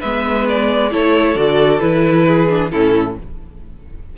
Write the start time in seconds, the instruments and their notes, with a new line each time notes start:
0.00 cello G#3, viola B3, violin B4 E5
0.49 violin D5
0.91 cello A3, viola E4, violin A4 C#5
1.35 cello D3, viola F#4, violin D5
1.79 cello E3, viola E4, violin B4
2.27 violin G#4
2.49 viola D4
2.71 cello A2, viola C#4, violin E4 A4